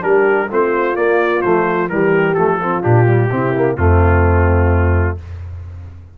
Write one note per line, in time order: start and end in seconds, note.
0.00 0.50 G3
0.00 0.47 D4
0.00 0.49 G4
0.00 0.50 A#4
0.50 0.97 A3
0.50 0.95 C4
0.50 1.92 F4
0.50 0.96 C5
0.95 1.42 A#3
0.95 1.43 A#3
0.95 1.41 D5
1.41 1.90 F3
1.41 1.89 A3
1.41 1.88 C5
1.89 2.36 E3
1.89 2.36 G3
1.89 2.59 G4
1.89 2.34 A#4
2.34 2.83 F3
2.34 2.60 A3
2.34 2.81 A4
2.59 2.82 C4
2.59 3.29 F4
2.82 3.31 A#2
2.82 3.06 D4
2.82 3.77 G4
3.06 3.29 G3
3.31 3.77 C3
3.31 3.54 C4
3.31 3.76 E4
3.55 3.77 A#3
3.76 5.17 F2
3.76 5.18 A3
3.76 5.17 C4
3.76 5.18 F4